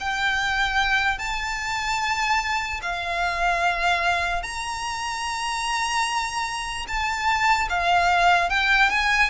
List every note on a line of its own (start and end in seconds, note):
0.00 1.18 G5
1.18 2.80 A5
2.82 4.43 F5
4.43 6.86 A#5
6.87 7.68 A5
7.69 8.50 F5
8.50 8.90 G5
8.90 9.30 G#5